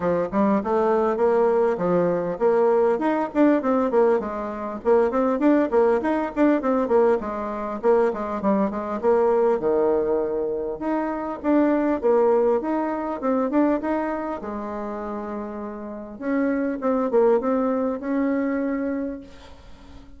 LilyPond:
\new Staff \with { instrumentName = "bassoon" } { \time 4/4 \tempo 4 = 100 f8 g8 a4 ais4 f4 | ais4 dis'8 d'8 c'8 ais8 gis4 | ais8 c'8 d'8 ais8 dis'8 d'8 c'8 ais8 | gis4 ais8 gis8 g8 gis8 ais4 |
dis2 dis'4 d'4 | ais4 dis'4 c'8 d'8 dis'4 | gis2. cis'4 | c'8 ais8 c'4 cis'2 | }